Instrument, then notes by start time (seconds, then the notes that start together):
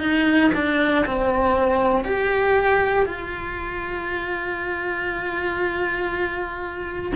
cello
0.00 D#4
0.55 D4
1.06 C4
2.05 G4
3.06 F4